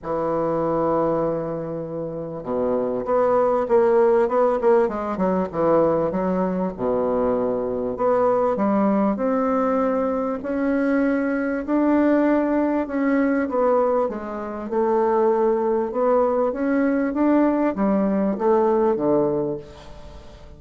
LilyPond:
\new Staff \with { instrumentName = "bassoon" } { \time 4/4 \tempo 4 = 98 e1 | b,4 b4 ais4 b8 ais8 | gis8 fis8 e4 fis4 b,4~ | b,4 b4 g4 c'4~ |
c'4 cis'2 d'4~ | d'4 cis'4 b4 gis4 | a2 b4 cis'4 | d'4 g4 a4 d4 | }